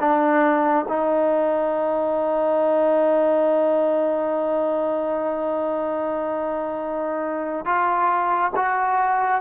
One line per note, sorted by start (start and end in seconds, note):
0.00 0.86 D4
0.88 7.66 D#4
7.66 8.52 F4
8.56 9.42 F#4